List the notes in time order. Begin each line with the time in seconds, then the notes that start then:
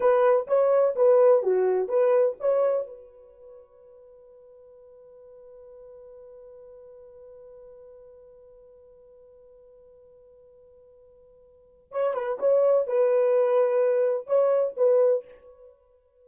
0.00 B4
0.47 C#5
0.95 B4
1.42 F#4
1.88 B4
2.39 C#5
2.86 B4
11.91 C#5
12.14 B4
12.39 C#5
12.86 B4
14.26 C#5
14.77 B4